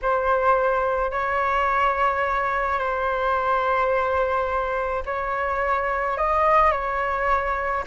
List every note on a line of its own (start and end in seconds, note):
0.02 1.11 C5
1.11 2.78 C#5
2.78 5.03 C5
5.05 6.17 C#5
6.17 6.71 D#5
6.71 7.84 C#5